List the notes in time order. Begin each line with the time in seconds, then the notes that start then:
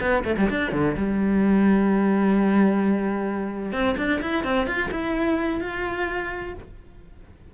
0.00 B3
0.24 A3
0.37 G3
0.49 D4
0.72 D3
0.96 G3
3.72 C4
3.97 D4
4.21 E4
4.44 C4
4.66 F4
4.91 E4
5.60 F4